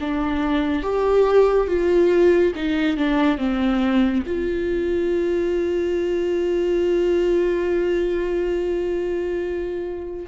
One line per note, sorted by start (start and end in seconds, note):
0.00 0.83 D4
0.83 1.68 G4
1.68 2.53 F4
2.55 2.97 D#4
2.97 3.38 D4
3.38 4.24 C4
4.26 10.26 F4